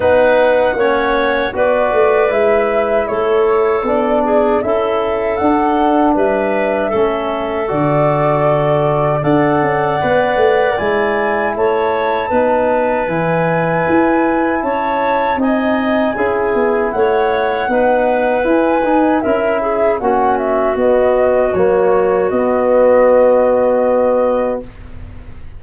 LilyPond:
<<
  \new Staff \with { instrumentName = "flute" } { \time 4/4 \tempo 4 = 78 fis''2 d''4 e''4 | cis''4 d''4 e''4 fis''4 | e''2 d''2 | fis''2 gis''4 a''4~ |
a''4 gis''2 a''4 | gis''2 fis''2 | gis''4 e''4 fis''8 e''8 dis''4 | cis''4 dis''2. | }
  \new Staff \with { instrumentName = "clarinet" } { \time 4/4 b'4 cis''4 b'2 | a'4. gis'8 a'2 | b'4 a'2. | d''2. cis''4 |
b'2. cis''4 | dis''4 gis'4 cis''4 b'4~ | b'4 ais'8 gis'8 fis'2~ | fis'1 | }
  \new Staff \with { instrumentName = "trombone" } { \time 4/4 dis'4 cis'4 fis'4 e'4~ | e'4 d'4 e'4 d'4~ | d'4 cis'4 fis'2 | a'4 b'4 e'2 |
dis'4 e'2. | dis'4 e'2 dis'4 | e'8 dis'8 e'4 cis'4 b4 | ais4 b2. | }
  \new Staff \with { instrumentName = "tuba" } { \time 4/4 b4 ais4 b8 a8 gis4 | a4 b4 cis'4 d'4 | g4 a4 d2 | d'8 cis'8 b8 a8 gis4 a4 |
b4 e4 e'4 cis'4 | c'4 cis'8 b8 a4 b4 | e'8 dis'8 cis'4 ais4 b4 | fis4 b2. | }
>>